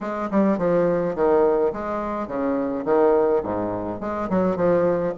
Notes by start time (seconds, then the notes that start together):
0.01 G#3
0.30 G3
0.58 F3
1.15 D#3
1.72 G#3
2.27 C#3
2.85 D#3
3.43 G#2
4.00 G#3
4.29 F#3
4.56 F3